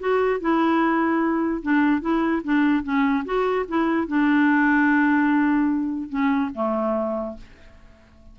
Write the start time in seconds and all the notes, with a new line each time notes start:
0.00 F#4
0.41 E4
1.63 D4
2.01 E4
2.44 D4
2.84 C#4
3.25 F#4
3.68 E4
4.08 D4
6.10 C#4
6.55 A3